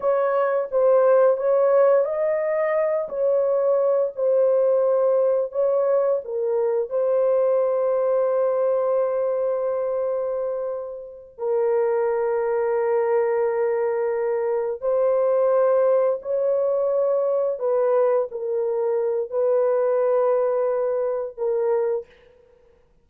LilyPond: \new Staff \with { instrumentName = "horn" } { \time 4/4 \tempo 4 = 87 cis''4 c''4 cis''4 dis''4~ | dis''8 cis''4. c''2 | cis''4 ais'4 c''2~ | c''1~ |
c''8 ais'2.~ ais'8~ | ais'4. c''2 cis''8~ | cis''4. b'4 ais'4. | b'2. ais'4 | }